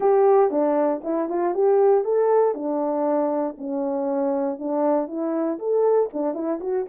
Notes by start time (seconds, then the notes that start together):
0.00 G4
0.51 D4
1.03 E4
1.29 F4
1.54 G4
2.04 A4
2.54 D4
3.57 C#4
4.58 D4
5.07 E4
5.58 A4
6.13 D4
6.34 E4
6.60 F#4